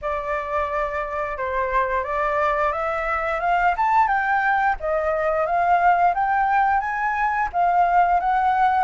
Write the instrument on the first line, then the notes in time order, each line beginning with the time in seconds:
flute
0.01 D5
1.37 C5
2.04 D5
2.72 E5
3.40 F5
3.76 A5
4.07 G5
4.80 D#5
5.45 F5
6.14 G5
6.80 G#5
7.52 F5
8.19 F#5